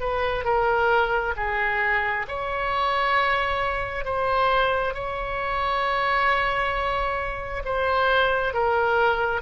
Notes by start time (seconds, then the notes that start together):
0.00 B4
0.44 A#4
1.36 G#4
2.28 C#5
4.05 C5
4.94 C#5
7.65 C5
8.54 A#4